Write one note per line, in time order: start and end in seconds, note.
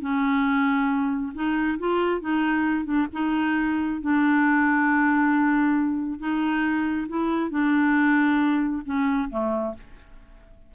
0.00 1.32 C#4
1.34 1.78 D#4
1.79 2.21 F4
2.21 2.84 D#4
2.84 3.06 D4
3.12 4.01 D#4
4.01 6.19 D4
6.19 7.07 D#4
7.08 7.50 E4
7.50 8.82 D4
8.85 9.29 C#4
9.30 9.74 A3